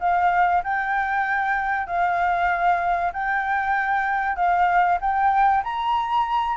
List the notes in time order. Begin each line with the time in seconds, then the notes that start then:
0.00 F5
0.63 G5
1.87 F5
3.12 G5
4.36 F5
5.01 G5
5.64 A#5